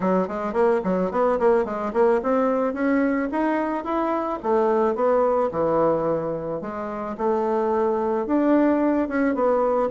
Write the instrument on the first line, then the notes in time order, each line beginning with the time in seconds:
bassoon
0.00 F#3
0.28 G#3
0.53 A#3
0.84 F#3
1.11 B3
1.39 A#3
1.64 G#3
1.93 A#3
2.23 C4
2.73 C#4
3.31 D#4
3.84 E4
4.42 A3
4.95 B3
5.51 E3
6.61 G#3
7.17 A3
8.26 D4
9.08 C#4
9.34 B3